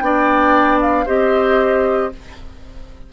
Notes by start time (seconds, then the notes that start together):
0.00 B3 D4 D5 G5
0.82 F5
1.06 C4 G4 C5 D#5